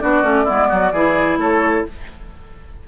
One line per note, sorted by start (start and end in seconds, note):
0.00 0.23 B3
0.00 0.23 D4
0.00 0.44 F#4
0.00 1.38 D5
0.23 0.46 A3
0.23 0.46 C#4
0.44 0.92 B3
0.44 0.67 E4
0.50 0.71 G#3
0.69 0.92 F#3
0.69 0.92 F#4
0.92 1.37 E3
0.92 1.88 E4
0.92 1.39 G#4
1.37 1.83 A3
1.37 1.86 A4
1.37 1.86 C#5